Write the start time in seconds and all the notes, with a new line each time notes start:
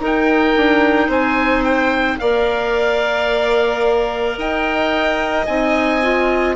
0.00 D#4 A#4
0.06 G5
0.57 D4
1.08 C4 C5 G#5
1.65 G5
2.19 A#3 A#4 D5 F5
4.38 D#4 D#5 G5
5.47 C4 D#4 G#5
6.02 F4